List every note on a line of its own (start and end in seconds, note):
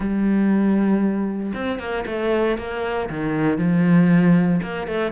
0.00 1.52 G3
1.54 1.79 C4
1.79 2.04 A#3
2.06 2.58 A3
2.58 3.09 A#3
3.09 3.58 D#3
3.58 4.60 F3
4.62 4.87 A#3
4.87 5.11 A3